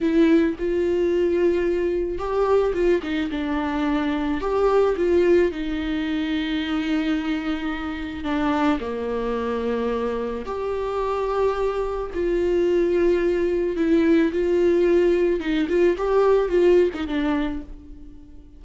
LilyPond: \new Staff \with { instrumentName = "viola" } { \time 4/4 \tempo 4 = 109 e'4 f'2. | g'4 f'8 dis'8 d'2 | g'4 f'4 dis'2~ | dis'2. d'4 |
ais2. g'4~ | g'2 f'2~ | f'4 e'4 f'2 | dis'8 f'8 g'4 f'8. dis'16 d'4 | }